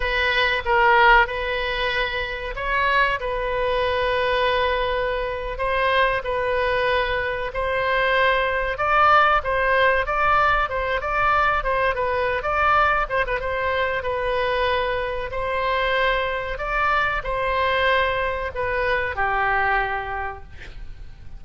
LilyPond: \new Staff \with { instrumentName = "oboe" } { \time 4/4 \tempo 4 = 94 b'4 ais'4 b'2 | cis''4 b'2.~ | b'8. c''4 b'2 c''16~ | c''4.~ c''16 d''4 c''4 d''16~ |
d''8. c''8 d''4 c''8 b'8. d''8~ | d''8 c''16 b'16 c''4 b'2 | c''2 d''4 c''4~ | c''4 b'4 g'2 | }